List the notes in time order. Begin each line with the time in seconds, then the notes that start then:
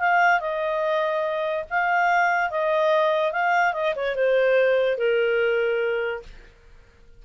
0.00 F5
0.40 D#5
1.70 F5
2.51 D#5
3.32 F5
3.73 D#5
3.96 C#5
4.16 C5
4.98 A#4